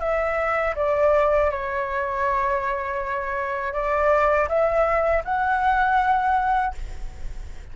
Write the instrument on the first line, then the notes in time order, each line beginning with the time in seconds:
flute
0.00 E5
0.76 D5
1.51 C#5
3.73 D5
4.49 E5
5.25 F#5